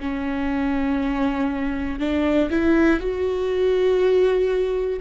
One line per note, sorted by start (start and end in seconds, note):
0.00 1.99 C#4
1.99 2.49 D4
2.50 3.00 E4
3.00 5.00 F#4